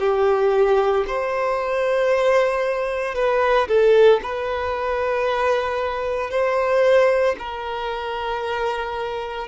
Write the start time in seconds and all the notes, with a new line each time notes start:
0.00 G4
1.08 C5
3.15 B4
3.68 A4
4.23 B4
6.31 C5
7.39 A#4